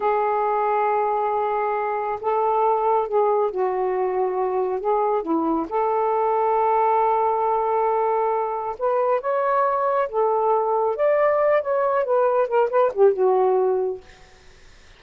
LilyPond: \new Staff \with { instrumentName = "saxophone" } { \time 4/4 \tempo 4 = 137 gis'1~ | gis'4 a'2 gis'4 | fis'2. gis'4 | e'4 a'2.~ |
a'1 | b'4 cis''2 a'4~ | a'4 d''4. cis''4 b'8~ | b'8 ais'8 b'8 g'8 fis'2 | }